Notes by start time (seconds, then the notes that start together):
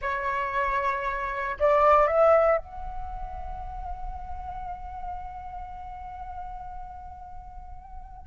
0.01 C#5
1.59 D5
2.07 E5
2.57 F#5